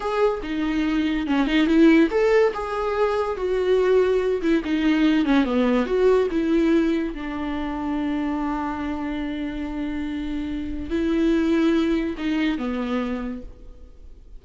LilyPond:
\new Staff \with { instrumentName = "viola" } { \time 4/4 \tempo 4 = 143 gis'4 dis'2 cis'8 dis'8 | e'4 a'4 gis'2 | fis'2~ fis'8 e'8 dis'4~ | dis'8 cis'8 b4 fis'4 e'4~ |
e'4 d'2.~ | d'1~ | d'2 e'2~ | e'4 dis'4 b2 | }